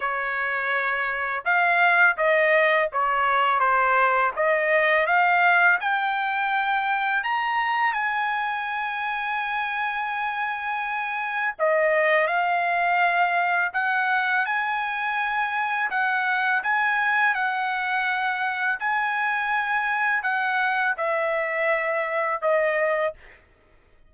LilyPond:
\new Staff \with { instrumentName = "trumpet" } { \time 4/4 \tempo 4 = 83 cis''2 f''4 dis''4 | cis''4 c''4 dis''4 f''4 | g''2 ais''4 gis''4~ | gis''1 |
dis''4 f''2 fis''4 | gis''2 fis''4 gis''4 | fis''2 gis''2 | fis''4 e''2 dis''4 | }